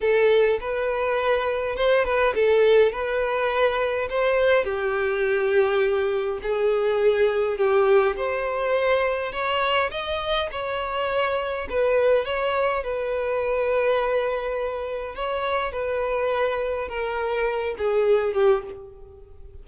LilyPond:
\new Staff \with { instrumentName = "violin" } { \time 4/4 \tempo 4 = 103 a'4 b'2 c''8 b'8 | a'4 b'2 c''4 | g'2. gis'4~ | gis'4 g'4 c''2 |
cis''4 dis''4 cis''2 | b'4 cis''4 b'2~ | b'2 cis''4 b'4~ | b'4 ais'4. gis'4 g'8 | }